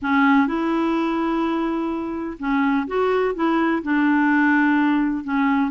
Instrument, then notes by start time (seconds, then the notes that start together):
clarinet
0.02 C#4
0.47 E4
2.39 C#4
2.87 F#4
3.35 E4
3.82 D4
5.23 C#4